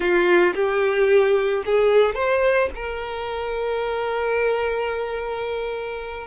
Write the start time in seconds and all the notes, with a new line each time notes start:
0.00 F4
0.54 G4
1.65 G#4
2.14 C5
2.75 A#4